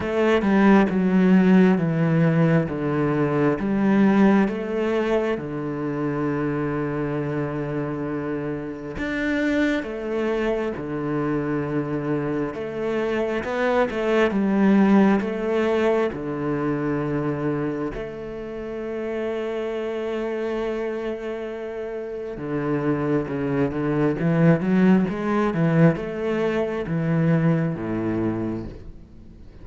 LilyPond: \new Staff \with { instrumentName = "cello" } { \time 4/4 \tempo 4 = 67 a8 g8 fis4 e4 d4 | g4 a4 d2~ | d2 d'4 a4 | d2 a4 b8 a8 |
g4 a4 d2 | a1~ | a4 d4 cis8 d8 e8 fis8 | gis8 e8 a4 e4 a,4 | }